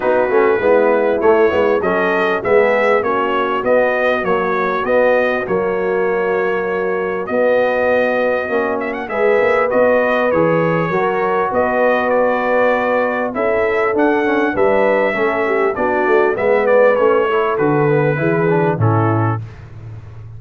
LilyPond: <<
  \new Staff \with { instrumentName = "trumpet" } { \time 4/4 \tempo 4 = 99 b'2 cis''4 dis''4 | e''4 cis''4 dis''4 cis''4 | dis''4 cis''2. | dis''2~ dis''8 e''16 fis''16 e''4 |
dis''4 cis''2 dis''4 | d''2 e''4 fis''4 | e''2 d''4 e''8 d''8 | cis''4 b'2 a'4 | }
  \new Staff \with { instrumentName = "horn" } { \time 4/4 fis'4 e'2 a'4 | gis'4 fis'2.~ | fis'1~ | fis'2. b'4~ |
b'2 ais'4 b'4~ | b'2 a'2 | b'4 a'8 g'8 fis'4 b'4~ | b'8 a'4. gis'4 e'4 | }
  \new Staff \with { instrumentName = "trombone" } { \time 4/4 dis'8 cis'8 b4 a8 b8 cis'4 | b4 cis'4 b4 fis4 | b4 ais2. | b2 cis'4 gis'4 |
fis'4 gis'4 fis'2~ | fis'2 e'4 d'8 cis'8 | d'4 cis'4 d'4 b4 | cis'8 e'8 fis'8 b8 e'8 d'8 cis'4 | }
  \new Staff \with { instrumentName = "tuba" } { \time 4/4 b8 a8 gis4 a8 gis8 fis4 | gis4 ais4 b4 ais4 | b4 fis2. | b2 ais4 gis8 ais8 |
b4 e4 fis4 b4~ | b2 cis'4 d'4 | g4 a4 b8 a8 gis4 | a4 d4 e4 a,4 | }
>>